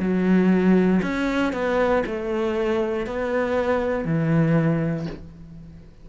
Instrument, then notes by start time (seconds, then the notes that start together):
cello
0.00 F#3
1.03 C#4
1.53 B3
2.07 A3
3.06 B3
4.05 E3